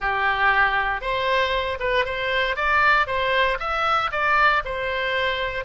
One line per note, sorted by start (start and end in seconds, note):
0.00 1.01 G4
1.01 1.78 C5
1.79 2.05 B4
2.05 2.56 C5
2.56 3.06 D5
3.06 3.58 C5
3.59 4.10 E5
4.11 4.62 D5
4.64 5.64 C5